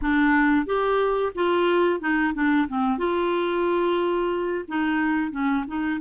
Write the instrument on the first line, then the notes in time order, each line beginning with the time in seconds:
clarinet
0.01 D4
0.65 G4
1.35 F4
2.00 D#4
2.34 D4
2.68 C4
2.98 F4
4.68 D#4
5.31 C#4
5.67 D#4